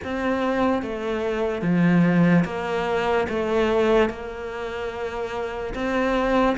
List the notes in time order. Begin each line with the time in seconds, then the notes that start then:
0.03 C4
0.82 A3
1.62 F3
2.44 A#3
3.28 A3
4.09 A#3
5.74 C4